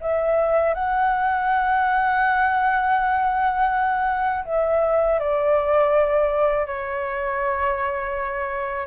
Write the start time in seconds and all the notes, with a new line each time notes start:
0.00 E5
0.74 F#5
4.45 E5
5.19 D5
6.66 C#5